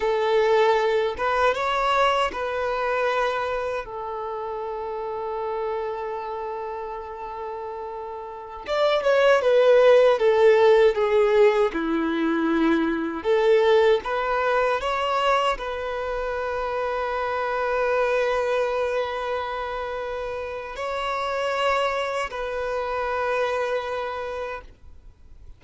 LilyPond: \new Staff \with { instrumentName = "violin" } { \time 4/4 \tempo 4 = 78 a'4. b'8 cis''4 b'4~ | b'4 a'2.~ | a'2.~ a'16 d''8 cis''16~ | cis''16 b'4 a'4 gis'4 e'8.~ |
e'4~ e'16 a'4 b'4 cis''8.~ | cis''16 b'2.~ b'8.~ | b'2. cis''4~ | cis''4 b'2. | }